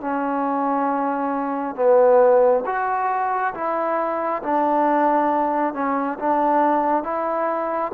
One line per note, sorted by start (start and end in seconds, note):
0.00 1.75 C#4
1.75 2.64 B3
2.66 3.54 F#4
3.54 4.42 E4
4.42 5.74 D4
5.74 6.18 C#4
6.19 7.03 D4
7.03 7.92 E4